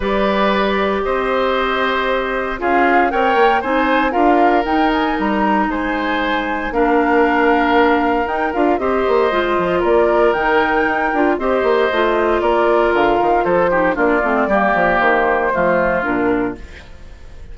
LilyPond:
<<
  \new Staff \with { instrumentName = "flute" } { \time 4/4 \tempo 4 = 116 d''2 dis''2~ | dis''4 f''4 g''4 gis''4 | f''4 g''8 gis''8 ais''4 gis''4~ | gis''4 f''2. |
g''8 f''8 dis''2 d''4 | g''2 dis''2 | d''4 f''4 c''4 d''4~ | d''4 c''2 ais'4 | }
  \new Staff \with { instrumentName = "oboe" } { \time 4/4 b'2 c''2~ | c''4 gis'4 cis''4 c''4 | ais'2. c''4~ | c''4 ais'2.~ |
ais'4 c''2 ais'4~ | ais'2 c''2 | ais'2 a'8 g'8 f'4 | g'2 f'2 | }
  \new Staff \with { instrumentName = "clarinet" } { \time 4/4 g'1~ | g'4 f'4 ais'4 dis'4 | f'4 dis'2.~ | dis'4 d'2. |
dis'8 f'8 g'4 f'2 | dis'4. f'8 g'4 f'4~ | f'2~ f'8 dis'8 d'8 c'8 | ais2 a4 d'4 | }
  \new Staff \with { instrumentName = "bassoon" } { \time 4/4 g2 c'2~ | c'4 cis'4 c'8 ais8 c'4 | d'4 dis'4 g4 gis4~ | gis4 ais2. |
dis'8 d'8 c'8 ais8 gis8 f8 ais4 | dis4 dis'8 d'8 c'8 ais8 a4 | ais4 d8 dis8 f4 ais8 a8 | g8 f8 dis4 f4 ais,4 | }
>>